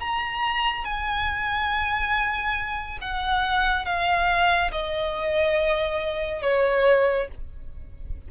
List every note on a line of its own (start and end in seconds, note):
0.00 0.85 A#5
0.85 2.99 G#5
3.02 3.86 F#5
3.86 4.71 F5
4.72 6.42 D#5
6.42 7.28 C#5